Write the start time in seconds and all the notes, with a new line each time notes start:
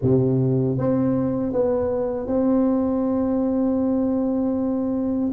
0.02 C3
0.78 C4
1.52 B3
2.27 C4